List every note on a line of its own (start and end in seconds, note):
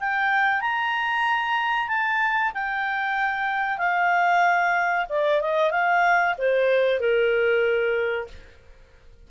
0.00 0.61 G5
0.61 1.88 A#5
1.88 2.52 A5
2.54 3.78 G5
3.78 5.06 F5
5.09 5.41 D5
5.41 5.71 D#5
5.71 6.35 F5
6.38 7.00 C5
7.00 8.27 A#4